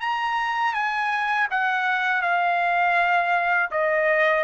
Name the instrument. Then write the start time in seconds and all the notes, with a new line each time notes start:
trumpet
0.00 A#5
0.74 G#5
1.51 F#5
2.22 F5
3.71 D#5